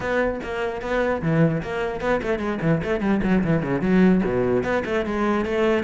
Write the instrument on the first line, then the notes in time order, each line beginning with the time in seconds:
cello
0.00 B3
0.43 A#3
0.81 B3
1.22 E3
1.62 A#3
2.00 B3
2.22 A3
2.38 G#3
2.61 E3
2.83 A3
3.00 G3
3.23 F#3
3.44 E3
3.62 C#3
3.81 F#3
4.24 B2
4.63 B3
4.85 A3
5.05 G#3
5.45 A3